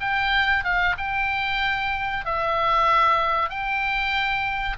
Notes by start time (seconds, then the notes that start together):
0.00 G5
0.64 F5
0.97 G5
2.25 E5
3.49 G5